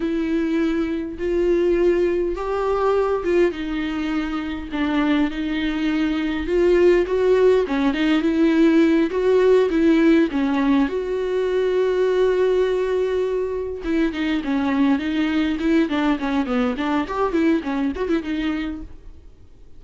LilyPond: \new Staff \with { instrumentName = "viola" } { \time 4/4 \tempo 4 = 102 e'2 f'2 | g'4. f'8 dis'2 | d'4 dis'2 f'4 | fis'4 cis'8 dis'8 e'4. fis'8~ |
fis'8 e'4 cis'4 fis'4.~ | fis'2.~ fis'8 e'8 | dis'8 cis'4 dis'4 e'8 d'8 cis'8 | b8 d'8 g'8 e'8 cis'8 fis'16 e'16 dis'4 | }